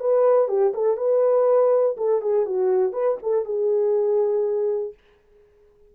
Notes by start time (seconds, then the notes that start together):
0.00 B4
0.48 G4
0.74 A4
0.97 B4
1.97 A4
2.22 G#4
2.46 F#4
2.93 B4
3.23 A4
3.45 G#4